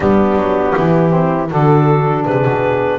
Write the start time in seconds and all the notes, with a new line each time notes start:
0.00 G3 B3 D4 G4
0.36 F#3
0.75 E3 E4
1.09 C4
1.50 D3 D4 F#4 A4
2.24 C3 G#4 B4
2.45 B2